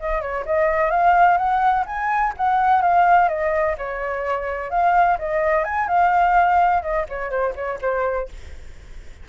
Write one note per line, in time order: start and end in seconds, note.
0.00 0.21 D#5
0.21 0.45 C#5
0.46 0.91 D#5
0.91 1.38 F5
1.38 1.85 F#5
1.86 2.33 G#5
2.37 2.82 F#5
2.82 3.29 F5
3.29 3.76 D#5
3.78 4.71 C#5
4.71 5.18 F5
5.19 5.64 D#5
5.64 5.88 G#5
5.88 6.82 F5
6.82 7.06 D#5
7.09 7.30 C#5
7.30 7.54 C5
7.55 7.79 C#5
7.81 8.29 C5